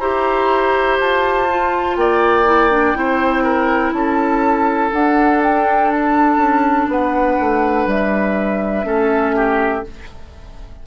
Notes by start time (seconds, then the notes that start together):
0.00 E4 G4 C5 A#5
1.00 F4 A5
1.49 F4
1.96 A#3 D5 G5
2.45 E4
2.70 D4
2.95 C4 E4 C5
3.43 A#4
3.93 C#4 A4 A5
4.92 D4 F#5
5.43 G5
5.91 A5
6.37 C#4
6.88 B3 B4 F#5
7.40 A3
7.86 G3 E5
8.84 A3 C#4 A4
9.36 G4